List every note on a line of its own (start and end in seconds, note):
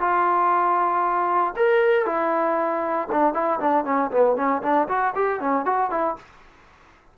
0.00 1.54 F4
1.56 2.05 A#4
2.05 3.08 E4
3.11 3.34 D4
3.34 3.59 E4
3.60 3.84 D4
3.84 4.10 C#4
4.10 4.36 B3
4.36 4.62 C#4
4.62 4.88 D4
4.88 5.14 F#4
5.15 5.40 G4
5.40 5.65 C#4
5.65 5.90 F#4
5.90 6.16 E4